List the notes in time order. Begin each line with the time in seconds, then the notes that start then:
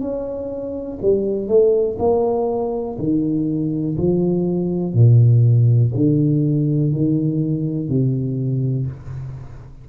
0.00 C#4
1.01 G3
1.48 A3
1.99 A#3
2.99 D#3
3.97 F3
4.94 A#2
5.95 D3
6.93 D#3
7.88 C3